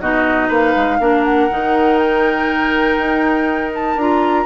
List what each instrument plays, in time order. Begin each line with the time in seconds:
0.00 bassoon B2, clarinet D#4, oboe F#4, flute D#5
0.49 bassoon A#3, oboe B4, flute F5
0.77 bassoon G#3
1.00 bassoon A#3, clarinet D4, oboe A#4
1.25 flute F#5
1.51 bassoon D#3, clarinet D#4
1.99 flute G5
2.98 bassoon D#4
3.75 flute A5
3.97 bassoon D4, clarinet F4, flute A#5